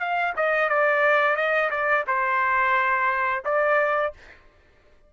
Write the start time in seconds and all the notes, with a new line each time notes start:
0.00 F5
0.37 D#5
0.69 D5
1.36 D#5
1.71 D5
2.08 C5
3.45 D5